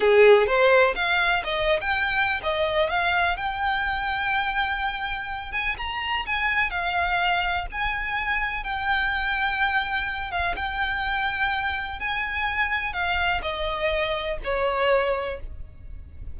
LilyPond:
\new Staff \with { instrumentName = "violin" } { \time 4/4 \tempo 4 = 125 gis'4 c''4 f''4 dis''8. g''16~ | g''4 dis''4 f''4 g''4~ | g''2.~ g''8 gis''8 | ais''4 gis''4 f''2 |
gis''2 g''2~ | g''4. f''8 g''2~ | g''4 gis''2 f''4 | dis''2 cis''2 | }